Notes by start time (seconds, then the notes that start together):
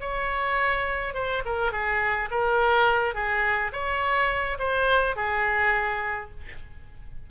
0.00 C#5
1.14 C5
1.45 A#4
1.72 G#4
2.30 A#4
3.14 G#4
3.72 C#5
4.59 C5
5.16 G#4